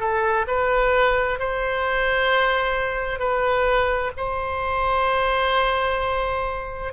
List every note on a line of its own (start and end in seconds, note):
0.00 0.46 A4
0.47 1.39 B4
1.39 3.19 C5
3.19 4.12 B4
4.17 6.94 C5